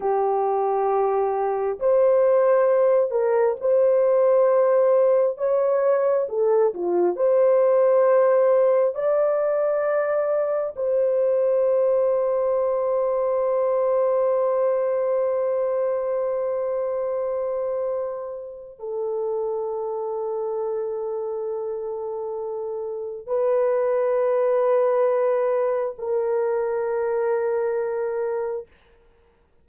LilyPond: \new Staff \with { instrumentName = "horn" } { \time 4/4 \tempo 4 = 67 g'2 c''4. ais'8 | c''2 cis''4 a'8 f'8 | c''2 d''2 | c''1~ |
c''1~ | c''4 a'2.~ | a'2 b'2~ | b'4 ais'2. | }